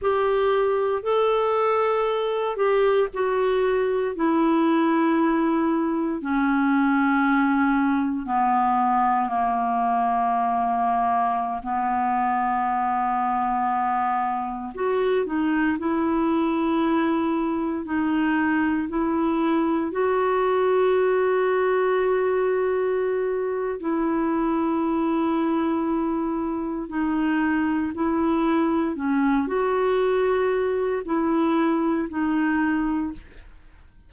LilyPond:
\new Staff \with { instrumentName = "clarinet" } { \time 4/4 \tempo 4 = 58 g'4 a'4. g'8 fis'4 | e'2 cis'2 | b4 ais2~ ais16 b8.~ | b2~ b16 fis'8 dis'8 e'8.~ |
e'4~ e'16 dis'4 e'4 fis'8.~ | fis'2. e'4~ | e'2 dis'4 e'4 | cis'8 fis'4. e'4 dis'4 | }